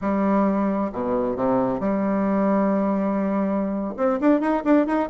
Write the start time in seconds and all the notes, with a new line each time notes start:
0.01 G3
0.92 B2
1.35 C3
1.80 G3
3.96 C4
4.20 D4
4.40 D#4
4.64 D4
4.86 D#4